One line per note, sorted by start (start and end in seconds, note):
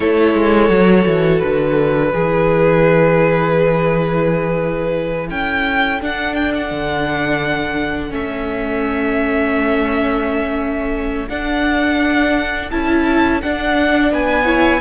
0.00 0.34 A3
0.00 0.70 E4
0.00 2.11 A4
0.00 1.39 C#5
0.34 0.69 G#3
0.69 1.04 F#3
0.69 2.12 F#4
1.06 1.42 E3
1.39 2.13 D3
1.39 5.27 B4
2.11 5.30 E3
2.11 6.00 E4
2.11 5.29 G#4
5.29 6.01 C#4
5.29 14.11 A4
5.29 6.00 G5
6.00 8.10 D4
6.00 6.71 D4
6.00 6.34 F#5
6.34 6.52 G5
6.54 8.13 F#5
6.71 8.11 D3
8.10 11.29 A3
8.10 11.27 C#4
8.10 11.29 E5
11.29 12.70 D4
11.29 12.70 F#5
12.70 13.42 C#4
12.70 13.41 E4
12.70 13.41 A5
13.41 14.44 D4
13.41 14.11 D4
13.41 14.12 F#5
14.11 14.81 B3
14.11 14.44 B4
14.11 14.81 G#5
14.44 14.80 E4
14.44 14.79 C#5